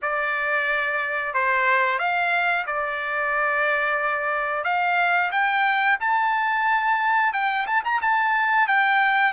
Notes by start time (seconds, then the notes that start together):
0.02 D5
1.34 C5
1.98 F5
2.66 D5
4.64 F5
5.31 G5
6.00 A5
7.33 G5
7.66 A5
7.84 A#5
8.01 A5
8.67 G5